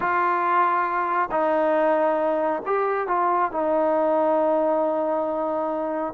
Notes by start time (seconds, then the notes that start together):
0.00 F4
1.31 D#4
2.66 G4
3.07 F4
3.51 D#4